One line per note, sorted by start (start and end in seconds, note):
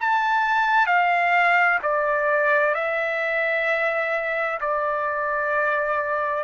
0.00 0.86 A5
0.86 1.79 F5
1.82 2.74 D5
2.74 4.59 E5
4.61 6.43 D5